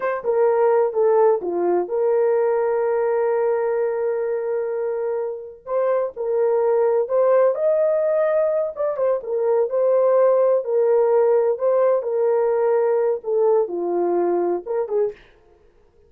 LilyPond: \new Staff \with { instrumentName = "horn" } { \time 4/4 \tempo 4 = 127 c''8 ais'4. a'4 f'4 | ais'1~ | ais'1 | c''4 ais'2 c''4 |
dis''2~ dis''8 d''8 c''8 ais'8~ | ais'8 c''2 ais'4.~ | ais'8 c''4 ais'2~ ais'8 | a'4 f'2 ais'8 gis'8 | }